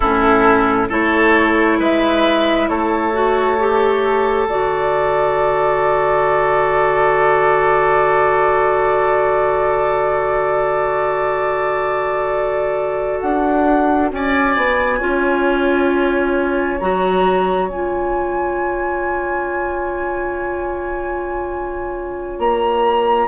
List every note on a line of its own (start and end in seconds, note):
0.00 0.90 A2
0.00 0.89 C#4
0.00 0.88 E4
0.00 0.87 A4
0.88 1.79 A3
0.88 3.13 E4
0.88 1.78 A4
0.88 1.81 C#5
1.79 2.68 G#3
1.79 2.68 B4
1.79 2.68 E5
2.68 4.47 A3
2.68 14.11 A4
2.68 4.47 C#5
3.13 3.58 F#4
3.59 4.48 G4
4.47 13.20 D3
4.47 15.01 F#4
4.47 13.19 D5
13.19 14.11 D4
13.19 14.09 F#5
14.11 14.56 C#4
14.11 14.98 D5
14.11 16.79 G#5
14.56 15.00 B3
14.98 16.80 C#4
14.98 16.80 F4
14.98 23.27 C#5
16.79 17.69 F#3
16.79 17.69 F#4
16.79 17.69 A#5
17.69 22.38 C#4
17.69 23.28 F4
17.69 22.39 G#5
22.38 23.28 A#3
22.38 23.28 A#5